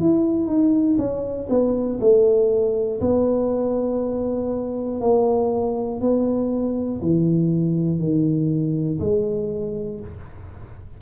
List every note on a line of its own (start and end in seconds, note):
0.00 0.47 E4
0.47 0.97 D#4
0.98 1.48 C#4
1.50 2.00 B3
2.00 3.00 A3
3.00 5.00 B3
5.01 6.00 A#3
6.00 7.00 B3
7.01 8.00 E3
8.00 9.00 D#3
9.00 10.00 G#3